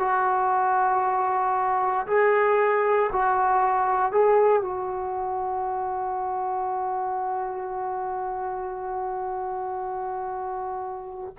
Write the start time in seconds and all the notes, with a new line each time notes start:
0.00 F#4
2.07 G#4
3.13 F#4
4.12 G#4
4.62 F#4